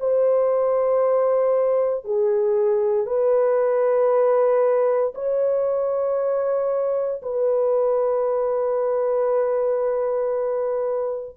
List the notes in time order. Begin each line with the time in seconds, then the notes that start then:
0.00 C5
2.05 G#4
3.07 B4
5.15 C#5
7.22 B4